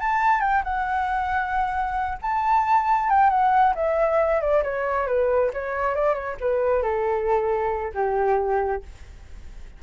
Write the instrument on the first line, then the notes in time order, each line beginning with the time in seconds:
flute
0.00 A5
0.41 G5
0.64 F#5
2.22 A5
3.09 G5
3.30 F#5
3.75 E5
4.41 D5
4.63 C#5
5.07 B4
5.53 C#5
5.95 D5
6.14 C#5
6.40 B4
6.83 A4
7.95 G4